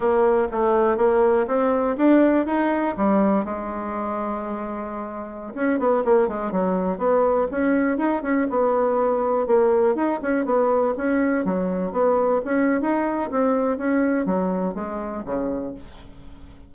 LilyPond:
\new Staff \with { instrumentName = "bassoon" } { \time 4/4 \tempo 4 = 122 ais4 a4 ais4 c'4 | d'4 dis'4 g4 gis4~ | gis2.~ gis16 cis'8 b16~ | b16 ais8 gis8 fis4 b4 cis'8.~ |
cis'16 dis'8 cis'8 b2 ais8.~ | ais16 dis'8 cis'8 b4 cis'4 fis8.~ | fis16 b4 cis'8. dis'4 c'4 | cis'4 fis4 gis4 cis4 | }